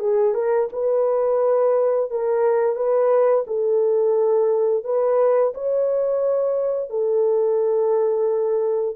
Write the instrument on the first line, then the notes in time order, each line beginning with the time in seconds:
horn
0.00 G#4
0.34 A#4
0.73 B4
2.11 A#4
2.76 B4
3.47 A4
4.84 B4
5.54 C#5
6.90 A4